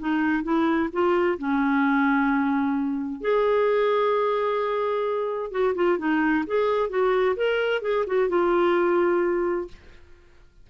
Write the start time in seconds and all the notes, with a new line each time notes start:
0.00 D#4
0.43 E4
0.93 F4
1.38 C#4
3.21 G#4
5.52 F#4
5.75 F4
5.98 D#4
6.47 G#4
6.90 F#4
7.36 A#4
7.82 G#4
8.07 F#4
8.29 F4